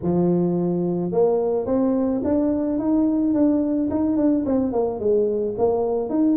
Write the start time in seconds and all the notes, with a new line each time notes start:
0.02 F3
1.11 A#3
1.66 C4
2.23 D4
2.79 D#4
3.34 D4
3.90 D#4
4.16 D4
4.45 C4
4.72 A#3
4.99 G#3
5.58 A#3
6.09 D#4